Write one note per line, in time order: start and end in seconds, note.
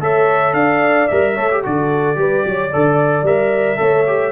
0.00 0.53 A3
0.00 1.08 A4
0.00 0.56 C#5
0.00 0.53 E5
0.53 1.07 D4
0.53 1.34 D5
0.53 1.07 F5
1.08 1.37 G3
1.08 1.36 A#4
1.08 1.62 E5
1.34 1.64 A3
1.34 1.50 A4
1.34 1.61 C#5
1.51 1.62 G4
1.62 2.17 D3
1.62 2.16 F#4
1.62 2.19 A4
1.62 3.26 D5
2.16 2.44 G3
2.16 2.70 G4
2.16 2.46 B4
2.45 2.72 F#3
2.45 2.71 C#5
2.71 3.23 D3
2.71 3.26 A4
2.71 3.79 D5
3.23 3.77 G3
3.23 3.76 A#4
3.23 4.32 E5
3.76 4.32 A3
3.76 4.03 A4
3.76 4.32 C#5
4.07 4.32 G4